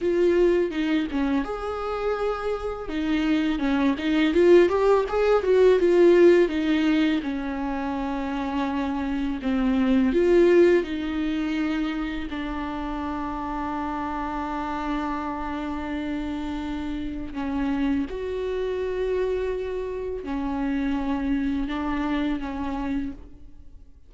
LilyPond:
\new Staff \with { instrumentName = "viola" } { \time 4/4 \tempo 4 = 83 f'4 dis'8 cis'8 gis'2 | dis'4 cis'8 dis'8 f'8 g'8 gis'8 fis'8 | f'4 dis'4 cis'2~ | cis'4 c'4 f'4 dis'4~ |
dis'4 d'2.~ | d'1 | cis'4 fis'2. | cis'2 d'4 cis'4 | }